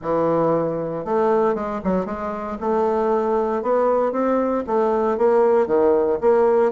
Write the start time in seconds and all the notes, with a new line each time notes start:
0.02 E3
1.04 A3
1.54 G#3
1.83 F#3
2.05 G#3
2.60 A3
3.62 B3
4.12 C4
4.66 A3
5.17 A#3
5.67 D#3
6.20 A#3